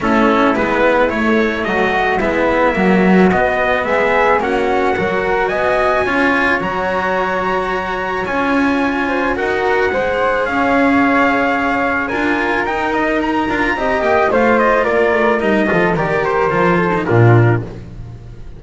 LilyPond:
<<
  \new Staff \with { instrumentName = "trumpet" } { \time 4/4 \tempo 4 = 109 a'4 b'4 cis''4 dis''4 | e''2 dis''4 e''4 | fis''2 gis''2 | ais''2. gis''4~ |
gis''4 fis''2 f''4~ | f''2 gis''4 g''8 dis''8 | ais''4. g''8 f''8 dis''8 d''4 | dis''4 d''8 c''4. ais'4 | }
  \new Staff \with { instrumentName = "flute" } { \time 4/4 e'2. fis'4 | e'4 fis'2 gis'4 | fis'4 ais'4 dis''4 cis''4~ | cis''1~ |
cis''8 c''8 ais'4 c''4 cis''4~ | cis''2 ais'2~ | ais'4 dis''4 c''4 ais'4~ | ais'8 a'8 ais'4. a'8 f'4 | }
  \new Staff \with { instrumentName = "cello" } { \time 4/4 cis'4 b4 a2 | b4 fis4 b2 | cis'4 fis'2 f'4 | fis'2. f'4~ |
f'4 fis'4 gis'2~ | gis'2 f'4 dis'4~ | dis'8 f'8 g'4 f'2 | dis'8 f'8 g'4 f'8. dis'16 d'4 | }
  \new Staff \with { instrumentName = "double bass" } { \time 4/4 a4 gis4 a4 fis4 | gis4 ais4 b4 gis4 | ais4 fis4 b4 cis'4 | fis2. cis'4~ |
cis'4 dis'4 gis4 cis'4~ | cis'2 d'4 dis'4~ | dis'8 d'8 c'8 ais8 a4 ais8 a8 | g8 f8 dis4 f4 ais,4 | }
>>